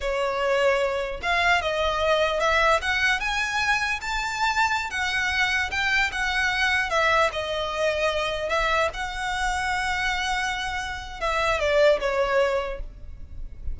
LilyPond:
\new Staff \with { instrumentName = "violin" } { \time 4/4 \tempo 4 = 150 cis''2. f''4 | dis''2 e''4 fis''4 | gis''2 a''2~ | a''16 fis''2 g''4 fis''8.~ |
fis''4~ fis''16 e''4 dis''4.~ dis''16~ | dis''4~ dis''16 e''4 fis''4.~ fis''16~ | fis''1 | e''4 d''4 cis''2 | }